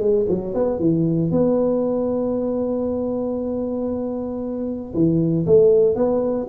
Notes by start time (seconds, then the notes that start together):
0.00 G#3
0.29 F#3
0.54 B3
0.79 E3
1.31 B3
4.94 E3
5.46 A3
5.96 B3